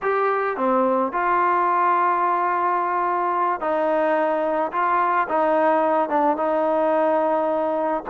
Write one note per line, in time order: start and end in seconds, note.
0.02 0.57 G4
0.57 1.12 C4
1.12 3.60 F4
3.60 4.71 D#4
4.72 5.27 F4
5.28 6.09 D#4
6.09 6.36 D4
6.36 8.03 D#4